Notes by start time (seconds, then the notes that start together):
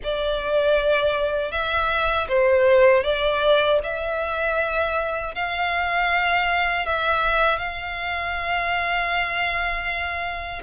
0.03 D5
1.51 E5
2.28 C5
3.03 D5
3.83 E5
5.34 F5
6.86 E5
7.58 F5